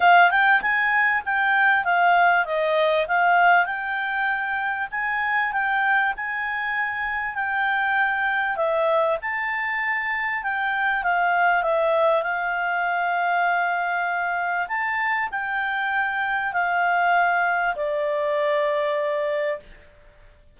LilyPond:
\new Staff \with { instrumentName = "clarinet" } { \time 4/4 \tempo 4 = 98 f''8 g''8 gis''4 g''4 f''4 | dis''4 f''4 g''2 | gis''4 g''4 gis''2 | g''2 e''4 a''4~ |
a''4 g''4 f''4 e''4 | f''1 | a''4 g''2 f''4~ | f''4 d''2. | }